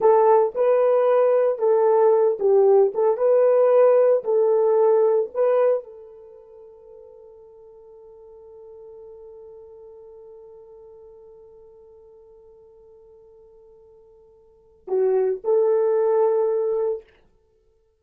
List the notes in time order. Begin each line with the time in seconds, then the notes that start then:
0.00 A4
0.54 B4
1.58 A4
2.39 G4
2.94 A4
3.17 B4
4.23 A4
5.34 B4
5.83 A4
14.87 F#4
15.43 A4